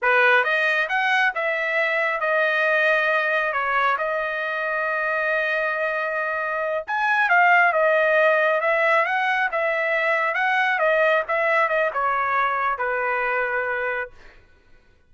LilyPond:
\new Staff \with { instrumentName = "trumpet" } { \time 4/4 \tempo 4 = 136 b'4 dis''4 fis''4 e''4~ | e''4 dis''2. | cis''4 dis''2.~ | dis''2.~ dis''8 gis''8~ |
gis''8 f''4 dis''2 e''8~ | e''8 fis''4 e''2 fis''8~ | fis''8 dis''4 e''4 dis''8 cis''4~ | cis''4 b'2. | }